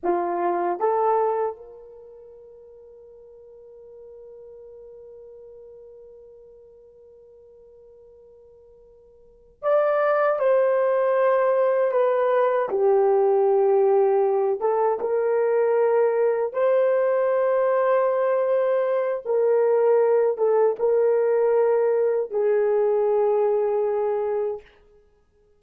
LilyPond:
\new Staff \with { instrumentName = "horn" } { \time 4/4 \tempo 4 = 78 f'4 a'4 ais'2~ | ais'1~ | ais'1~ | ais'8 d''4 c''2 b'8~ |
b'8 g'2~ g'8 a'8 ais'8~ | ais'4. c''2~ c''8~ | c''4 ais'4. a'8 ais'4~ | ais'4 gis'2. | }